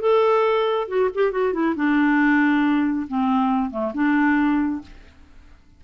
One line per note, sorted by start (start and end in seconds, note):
0.00 0.88 A4
0.88 1.09 F#4
1.14 1.31 G4
1.31 1.53 F#4
1.53 1.75 E4
1.75 3.07 D4
3.07 3.70 C4
3.70 3.92 A3
3.94 4.81 D4